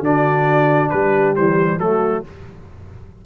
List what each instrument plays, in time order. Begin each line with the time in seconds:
0.00 tuba D3, trombone D4, horn F#4, trumpet D5
0.89 tuba G3, horn G4, trumpet B4
1.36 tuba E3, trombone G3, trumpet C5
1.78 tuba F#3, trombone A3, horn F#4, trumpet A4